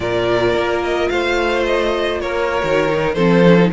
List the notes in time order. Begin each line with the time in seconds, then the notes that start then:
0.00 A#2 F4 A#4 D5
0.54 A#3
0.83 D#5
1.08 A3 C5 F5
1.66 D#5
2.20 A#3 A#4 C#5
2.61 D#3 F#4
2.88 D#4
3.13 F3 C4 A4 C5
3.45 C#4
3.58 D#4